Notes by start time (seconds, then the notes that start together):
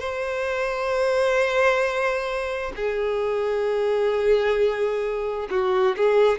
0.00 C5
2.76 G#4
5.51 F#4
5.97 G#4